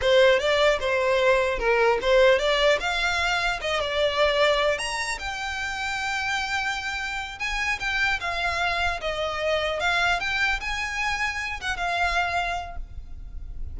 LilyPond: \new Staff \with { instrumentName = "violin" } { \time 4/4 \tempo 4 = 150 c''4 d''4 c''2 | ais'4 c''4 d''4 f''4~ | f''4 dis''8 d''2~ d''8 | ais''4 g''2.~ |
g''2~ g''8 gis''4 g''8~ | g''8 f''2 dis''4.~ | dis''8 f''4 g''4 gis''4.~ | gis''4 fis''8 f''2~ f''8 | }